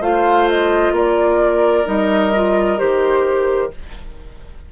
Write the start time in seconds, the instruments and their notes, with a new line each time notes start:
0.00 bassoon A3, clarinet F4, oboe C5, flute F5
0.49 flute D#5
0.92 bassoon A#3, oboe A#4, flute D5
1.85 bassoon G3, clarinet D#4, flute D#5
2.34 clarinet F4
2.78 bassoon D#3, clarinet G4, flute C5